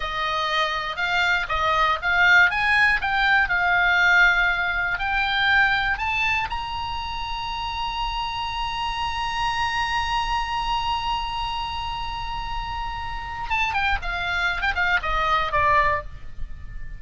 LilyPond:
\new Staff \with { instrumentName = "oboe" } { \time 4/4 \tempo 4 = 120 dis''2 f''4 dis''4 | f''4 gis''4 g''4 f''4~ | f''2 g''2 | a''4 ais''2.~ |
ais''1~ | ais''1~ | ais''2. a''8 g''8 | f''4~ f''16 g''16 f''8 dis''4 d''4 | }